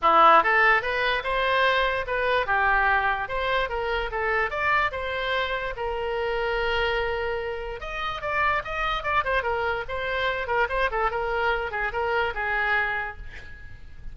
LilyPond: \new Staff \with { instrumentName = "oboe" } { \time 4/4 \tempo 4 = 146 e'4 a'4 b'4 c''4~ | c''4 b'4 g'2 | c''4 ais'4 a'4 d''4 | c''2 ais'2~ |
ais'2. dis''4 | d''4 dis''4 d''8 c''8 ais'4 | c''4. ais'8 c''8 a'8 ais'4~ | ais'8 gis'8 ais'4 gis'2 | }